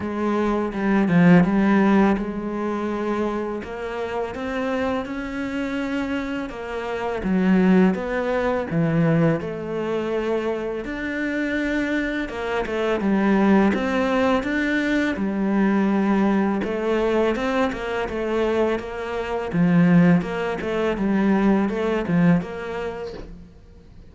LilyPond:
\new Staff \with { instrumentName = "cello" } { \time 4/4 \tempo 4 = 83 gis4 g8 f8 g4 gis4~ | gis4 ais4 c'4 cis'4~ | cis'4 ais4 fis4 b4 | e4 a2 d'4~ |
d'4 ais8 a8 g4 c'4 | d'4 g2 a4 | c'8 ais8 a4 ais4 f4 | ais8 a8 g4 a8 f8 ais4 | }